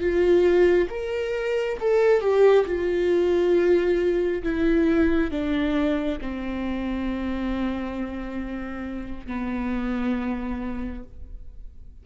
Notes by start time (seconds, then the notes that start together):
0.00 F4
0.90 A#4
1.80 A4
2.21 G4
2.66 F4
4.43 E4
5.31 D4
6.21 C4
9.27 B3